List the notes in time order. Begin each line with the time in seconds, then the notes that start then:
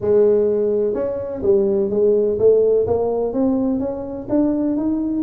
0.00 G#3
0.94 C#4
1.42 G3
1.90 G#3
2.39 A3
2.87 A#3
3.33 C4
3.79 C#4
4.29 D4
4.76 D#4